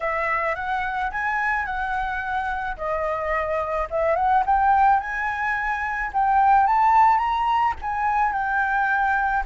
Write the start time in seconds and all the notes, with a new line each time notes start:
0.00 E5
0.55 F#5
1.11 G#5
1.65 F#5
2.76 D#5
3.90 E5
4.15 F#5
4.45 G5
5.00 G#5
6.13 G5
6.66 A5
7.18 A#5
7.81 G#5
8.32 G5